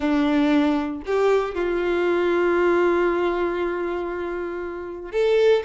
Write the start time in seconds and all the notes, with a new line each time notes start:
0.00 D4
1.05 G4
1.54 F4
5.11 A4